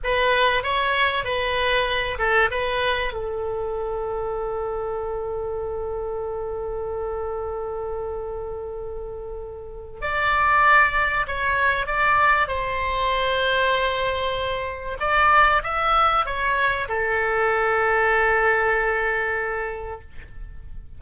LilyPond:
\new Staff \with { instrumentName = "oboe" } { \time 4/4 \tempo 4 = 96 b'4 cis''4 b'4. a'8 | b'4 a'2.~ | a'1~ | a'1 |
d''2 cis''4 d''4 | c''1 | d''4 e''4 cis''4 a'4~ | a'1 | }